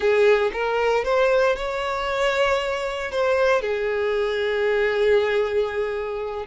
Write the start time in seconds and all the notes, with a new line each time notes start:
0.00 G#4
0.52 A#4
1.04 C5
1.56 C#5
3.11 C5
3.61 G#4